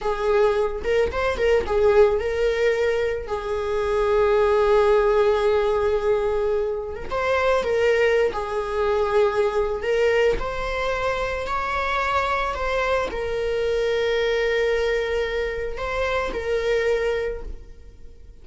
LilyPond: \new Staff \with { instrumentName = "viola" } { \time 4/4 \tempo 4 = 110 gis'4. ais'8 c''8 ais'8 gis'4 | ais'2 gis'2~ | gis'1~ | gis'8. ais'16 c''4 ais'4~ ais'16 gis'8.~ |
gis'2 ais'4 c''4~ | c''4 cis''2 c''4 | ais'1~ | ais'4 c''4 ais'2 | }